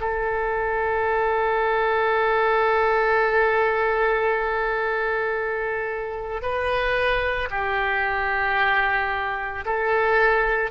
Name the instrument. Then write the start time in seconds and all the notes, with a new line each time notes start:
oboe
0.00 A4
6.42 B4
7.50 G4
9.65 A4